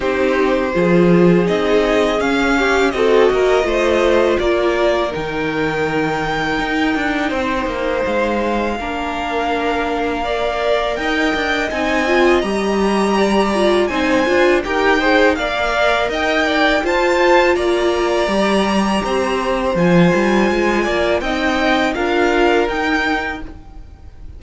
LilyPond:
<<
  \new Staff \with { instrumentName = "violin" } { \time 4/4 \tempo 4 = 82 c''2 dis''4 f''4 | dis''2 d''4 g''4~ | g''2. f''4~ | f''2. g''4 |
gis''4 ais''2 gis''4 | g''4 f''4 g''4 a''4 | ais''2. gis''4~ | gis''4 g''4 f''4 g''4 | }
  \new Staff \with { instrumentName = "violin" } { \time 4/4 g'4 gis'2~ gis'8 g'8 | a'8 ais'8 c''4 ais'2~ | ais'2 c''2 | ais'2 d''4 dis''4~ |
dis''2 d''4 c''4 | ais'8 c''8 d''4 dis''8 d''8 c''4 | d''2 c''2~ | c''8 d''8 dis''4 ais'2 | }
  \new Staff \with { instrumentName = "viola" } { \time 4/4 dis'4 f'4 dis'4 cis'4 | fis'4 f'2 dis'4~ | dis'1 | d'2 ais'2 |
dis'8 f'8 g'4. f'8 dis'8 f'8 | g'8 gis'8 ais'2 f'4~ | f'4 g'2 f'4~ | f'4 dis'4 f'4 dis'4 | }
  \new Staff \with { instrumentName = "cello" } { \time 4/4 c'4 f4 c'4 cis'4 | c'8 ais8 a4 ais4 dis4~ | dis4 dis'8 d'8 c'8 ais8 gis4 | ais2. dis'8 d'8 |
c'4 g2 c'8 d'8 | dis'4 ais4 dis'4 f'4 | ais4 g4 c'4 f8 g8 | gis8 ais8 c'4 d'4 dis'4 | }
>>